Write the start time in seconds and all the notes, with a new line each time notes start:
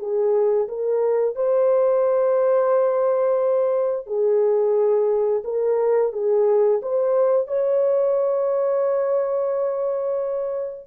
0.00 G#4
0.68 A#4
1.36 C5
4.07 G#4
5.45 A#4
6.13 G#4
6.83 C5
7.48 C#5